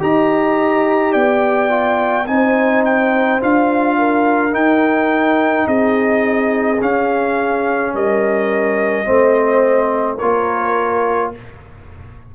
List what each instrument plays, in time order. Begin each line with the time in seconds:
0.00 tuba D#4, trombone G4, horn D#5, trumpet A#5
1.13 tuba B3, horn D5, trumpet G5
1.69 trombone F4
2.27 tuba C4, trombone D#4, horn C5, trumpet G#5
2.85 trumpet G5
3.40 tuba D4, trombone F4, trumpet F5
3.98 horn A#4
4.51 trombone D#4, tuba D#4, trumpet G5
5.67 tuba C4, horn G#4, trumpet D#5
6.81 trombone C#4, tuba C#4, trumpet F5
7.94 tuba G3, horn A#4, trumpet D#5
9.05 tuba A3, trombone C4, horn C5
10.17 tuba A#3, trombone F4, horn A#4, trumpet C#5